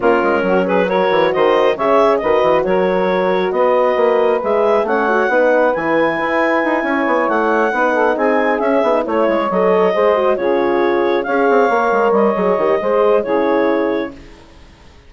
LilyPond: <<
  \new Staff \with { instrumentName = "clarinet" } { \time 4/4 \tempo 4 = 136 ais'4. b'8 cis''4 dis''4 | e''4 dis''4 cis''2 | dis''2 e''4 fis''4~ | fis''4 gis''2.~ |
gis''8 fis''2 gis''4 e''8~ | e''8 cis''4 dis''2 cis''8~ | cis''4. f''2 dis''8~ | dis''2 cis''2 | }
  \new Staff \with { instrumentName = "saxophone" } { \time 4/4 f'4 fis'8 gis'8 ais'4 c''4 | cis''4 b'4 ais'2 | b'2. cis''4 | b'2.~ b'8 cis''8~ |
cis''4. b'8 a'8 gis'4.~ | gis'8 cis''2 c''4 gis'8~ | gis'4. cis''2~ cis''8~ | cis''4 c''4 gis'2 | }
  \new Staff \with { instrumentName = "horn" } { \time 4/4 cis'2 fis'2 | gis'4 fis'2.~ | fis'2 gis'4 cis'8 fis'8 | dis'4 e'2.~ |
e'4. dis'2 cis'8 | dis'8 e'4 a'4 gis'8 fis'8 f'8~ | f'4. gis'4 ais'4. | gis'8 g'8 gis'4 e'2 | }
  \new Staff \with { instrumentName = "bassoon" } { \time 4/4 ais8 gis8 fis4. e8 dis4 | cis4 dis8 e8 fis2 | b4 ais4 gis4 a4 | b4 e4 e'4 dis'8 cis'8 |
b8 a4 b4 c'4 cis'8 | b8 a8 gis8 fis4 gis4 cis8~ | cis4. cis'8 c'8 ais8 gis8 g8 | fis8 dis8 gis4 cis2 | }
>>